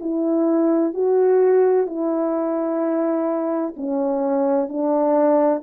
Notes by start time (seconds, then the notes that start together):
0.00 E4
0.93 F#4
1.86 E4
3.76 C#4
4.68 D4